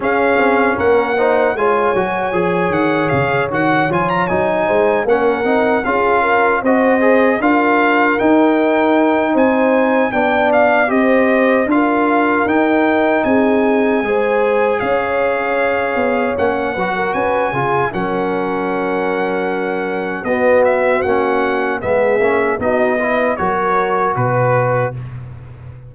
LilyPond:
<<
  \new Staff \with { instrumentName = "trumpet" } { \time 4/4 \tempo 4 = 77 f''4 fis''4 gis''4. fis''8 | f''8 fis''8 gis''16 ais''16 gis''4 fis''4 f''8~ | f''8 dis''4 f''4 g''4. | gis''4 g''8 f''8 dis''4 f''4 |
g''4 gis''2 f''4~ | f''4 fis''4 gis''4 fis''4~ | fis''2 dis''8 e''8 fis''4 | e''4 dis''4 cis''4 b'4 | }
  \new Staff \with { instrumentName = "horn" } { \time 4/4 gis'4 ais'8 c''8 cis''2~ | cis''2 c''8 ais'4 gis'8 | ais'8 c''4 ais'2~ ais'8 | c''4 d''4 c''4 ais'4~ |
ais'4 gis'4 c''4 cis''4~ | cis''4. b'16 ais'16 b'8 gis'8 ais'4~ | ais'2 fis'2 | gis'4 fis'8 b'8 ais'4 b'4 | }
  \new Staff \with { instrumentName = "trombone" } { \time 4/4 cis'4. dis'8 f'8 fis'8 gis'4~ | gis'8 fis'8 f'8 dis'4 cis'8 dis'8 f'8~ | f'8 fis'8 gis'8 f'4 dis'4.~ | dis'4 d'4 g'4 f'4 |
dis'2 gis'2~ | gis'4 cis'8 fis'4 f'8 cis'4~ | cis'2 b4 cis'4 | b8 cis'8 dis'8 e'8 fis'2 | }
  \new Staff \with { instrumentName = "tuba" } { \time 4/4 cis'8 c'8 ais4 gis8 fis8 f8 dis8 | cis8 dis8 f8 fis8 gis8 ais8 c'8 cis'8~ | cis'8 c'4 d'4 dis'4. | c'4 b4 c'4 d'4 |
dis'4 c'4 gis4 cis'4~ | cis'8 b8 ais8 fis8 cis'8 cis8 fis4~ | fis2 b4 ais4 | gis8 ais8 b4 fis4 b,4 | }
>>